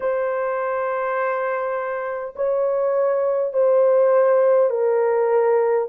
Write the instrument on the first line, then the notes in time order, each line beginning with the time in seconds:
horn
0.00 C5
2.35 C#5
3.53 C5
4.70 A#4